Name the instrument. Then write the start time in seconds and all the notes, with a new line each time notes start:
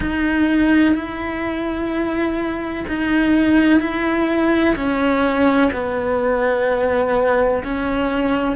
cello
0.00 D#4
0.94 E4
2.87 D#4
3.80 E4
4.75 C#4
5.72 B3
7.64 C#4